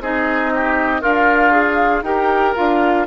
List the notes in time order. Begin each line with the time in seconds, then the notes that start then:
0.00 C4 D#4 G#4 D#5
0.55 G4
1.01 D4 F4 A#4 F5
1.52 G#4
2.02 D#4 G4 A#4 G5
2.56 D4 F4 F5